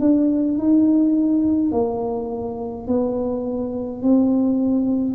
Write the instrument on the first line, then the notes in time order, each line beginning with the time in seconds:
tuba
0.00 D4
0.58 D#4
1.72 A#3
2.87 B3
4.02 C4